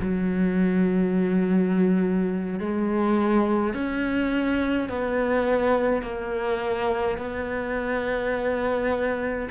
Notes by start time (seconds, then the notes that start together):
0.00 F#3
2.60 G#3
3.74 C#4
4.89 B3
6.02 A#3
7.17 B3